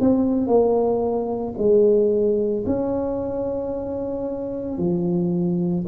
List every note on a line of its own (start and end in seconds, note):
0.00 0.47 C4
0.47 1.54 A#3
1.57 2.64 G#3
2.66 4.78 C#4
4.78 5.85 F3